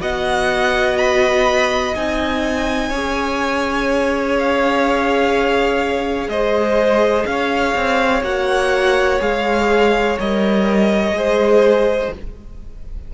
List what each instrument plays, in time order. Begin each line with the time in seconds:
0.00 cello B3, viola F#4, violin D#5 F#5
0.97 violin B5
1.95 cello C4, viola D#4, violin G#5
2.89 cello C#4, viola G#4, violin C#5
4.39 violin F5
6.27 cello G#3, violin C5 D#5
7.26 cello C#4, violin C#5 F5
7.75 cello C4
8.22 cello A#3, viola F#4, violin F#5
9.20 cello G#3, viola G#4, violin F5
10.18 cello G3, viola A#4, violin D#5
11.12 cello G#3, viola G#4, violin C5